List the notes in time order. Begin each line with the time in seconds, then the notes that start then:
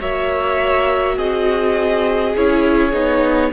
0.00 A#3 F#4 C#5 E5
1.16 C4 G#4 D#5
2.36 C#4 E4 C#5
2.93 B3 D#4